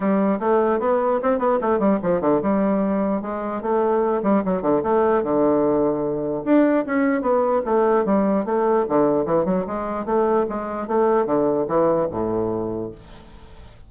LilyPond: \new Staff \with { instrumentName = "bassoon" } { \time 4/4 \tempo 4 = 149 g4 a4 b4 c'8 b8 | a8 g8 f8 d8 g2 | gis4 a4. g8 fis8 d8 | a4 d2. |
d'4 cis'4 b4 a4 | g4 a4 d4 e8 fis8 | gis4 a4 gis4 a4 | d4 e4 a,2 | }